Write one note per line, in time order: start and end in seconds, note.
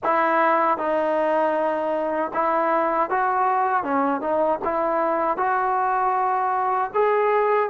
0.03 0.77 E4
0.77 2.31 D#4
2.33 3.09 E4
3.09 3.83 F#4
3.83 4.20 C#4
4.20 4.59 D#4
4.64 5.37 E4
5.37 6.91 F#4
6.94 7.69 G#4